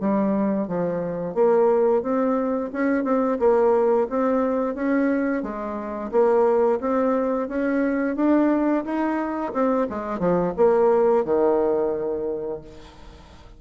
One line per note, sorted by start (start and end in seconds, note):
0.00 0.68 G3
0.68 1.35 F3
1.35 2.02 A#3
2.02 2.71 C4
2.73 3.04 C#4
3.04 3.38 C4
3.40 4.08 A#3
4.10 4.75 C4
4.75 5.43 C#4
5.43 6.11 G#3
6.12 6.80 A#3
6.81 7.49 C4
7.49 8.16 C#4
8.16 8.85 D4
8.85 9.53 D#4
9.53 9.87 C4
9.90 10.20 G#3
10.20 10.54 F3
10.57 11.25 A#3
11.25 12.62 D#3